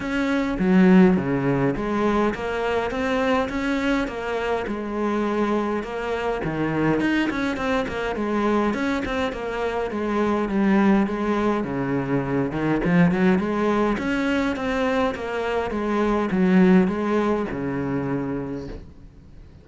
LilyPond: \new Staff \with { instrumentName = "cello" } { \time 4/4 \tempo 4 = 103 cis'4 fis4 cis4 gis4 | ais4 c'4 cis'4 ais4 | gis2 ais4 dis4 | dis'8 cis'8 c'8 ais8 gis4 cis'8 c'8 |
ais4 gis4 g4 gis4 | cis4. dis8 f8 fis8 gis4 | cis'4 c'4 ais4 gis4 | fis4 gis4 cis2 | }